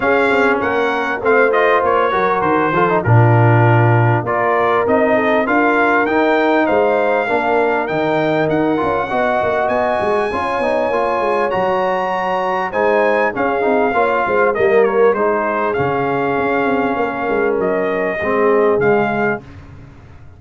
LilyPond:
<<
  \new Staff \with { instrumentName = "trumpet" } { \time 4/4 \tempo 4 = 99 f''4 fis''4 f''8 dis''8 cis''4 | c''4 ais'2 d''4 | dis''4 f''4 g''4 f''4~ | f''4 g''4 fis''2 |
gis''2. ais''4~ | ais''4 gis''4 f''2 | dis''8 cis''8 c''4 f''2~ | f''4 dis''2 f''4 | }
  \new Staff \with { instrumentName = "horn" } { \time 4/4 gis'4 ais'4 c''4. ais'8~ | ais'8 a'8 f'2 ais'4~ | ais'8 a'8 ais'2 c''4 | ais'2. dis''4~ |
dis''4 cis''2.~ | cis''4 c''4 gis'4 cis''8 c''8 | ais'4 gis'2. | ais'2 gis'2 | }
  \new Staff \with { instrumentName = "trombone" } { \time 4/4 cis'2 c'8 f'4 fis'8~ | fis'8 f'16 dis'16 d'2 f'4 | dis'4 f'4 dis'2 | d'4 dis'4. f'8 fis'4~ |
fis'4 f'8 dis'8 f'4 fis'4~ | fis'4 dis'4 cis'8 dis'8 f'4 | ais4 dis'4 cis'2~ | cis'2 c'4 gis4 | }
  \new Staff \with { instrumentName = "tuba" } { \time 4/4 cis'8 c'8 ais4 a4 ais8 fis8 | dis8 f8 ais,2 ais4 | c'4 d'4 dis'4 gis4 | ais4 dis4 dis'8 cis'8 b8 ais8 |
b8 gis8 cis'8 b8 ais8 gis8 fis4~ | fis4 gis4 cis'8 c'8 ais8 gis8 | g4 gis4 cis4 cis'8 c'8 | ais8 gis8 fis4 gis4 cis4 | }
>>